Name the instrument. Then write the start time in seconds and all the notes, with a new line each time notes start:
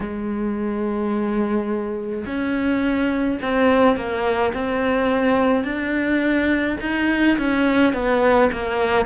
cello
0.00 G#3
2.25 C#4
3.42 C4
3.96 A#3
4.53 C4
5.63 D4
6.80 D#4
7.37 C#4
7.93 B3
8.52 A#3